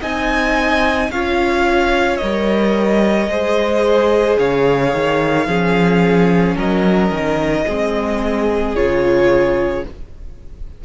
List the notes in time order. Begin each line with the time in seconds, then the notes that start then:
0.00 C4 D#4 D#5 G#5
1.10 C#4 F4 C#5 F5
2.17 G3 A#4 D#5
3.27 G#3 G#4 C5
4.38 C#3 C#5 F5
4.93 D#3
5.46 F3 C#4 G#4
6.55 F#3 A#4 D#5
7.10 D#3
7.65 G#3 C4 G#4
8.75 C#3 F4 C#5